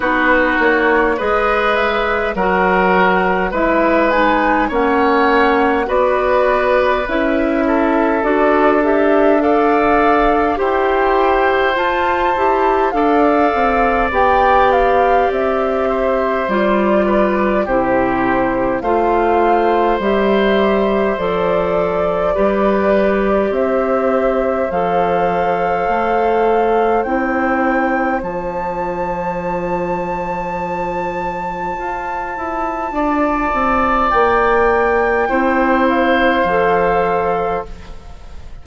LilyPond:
<<
  \new Staff \with { instrumentName = "flute" } { \time 4/4 \tempo 4 = 51 b'8 cis''8 dis''8 e''8 fis''4 e''8 gis''8 | fis''4 d''4 e''4 d''8 e''8 | f''4 g''4 a''4 f''4 | g''8 f''8 e''4 d''4 c''4 |
f''4 e''4 d''2 | e''4 f''2 g''4 | a''1~ | a''4 g''4. f''4. | }
  \new Staff \with { instrumentName = "oboe" } { \time 4/4 fis'4 b'4 ais'4 b'4 | cis''4 b'4. a'4. | d''4 c''2 d''4~ | d''4. c''4 b'8 g'4 |
c''2. b'4 | c''1~ | c''1 | d''2 c''2 | }
  \new Staff \with { instrumentName = "clarinet" } { \time 4/4 dis'4 gis'4 fis'4 e'8 dis'8 | cis'4 fis'4 e'4 fis'8 g'8 | a'4 g'4 f'8 g'8 a'4 | g'2 f'4 e'4 |
f'4 g'4 a'4 g'4~ | g'4 a'2 e'4 | f'1~ | f'2 e'4 a'4 | }
  \new Staff \with { instrumentName = "bassoon" } { \time 4/4 b8 ais8 gis4 fis4 gis4 | ais4 b4 cis'4 d'4~ | d'4 e'4 f'8 e'8 d'8 c'8 | b4 c'4 g4 c4 |
a4 g4 f4 g4 | c'4 f4 a4 c'4 | f2. f'8 e'8 | d'8 c'8 ais4 c'4 f4 | }
>>